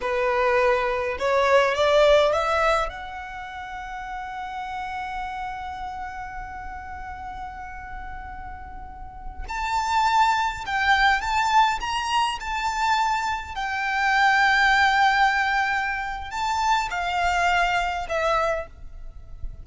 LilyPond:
\new Staff \with { instrumentName = "violin" } { \time 4/4 \tempo 4 = 103 b'2 cis''4 d''4 | e''4 fis''2.~ | fis''1~ | fis''1~ |
fis''16 a''2 g''4 a''8.~ | a''16 ais''4 a''2 g''8.~ | g''1 | a''4 f''2 e''4 | }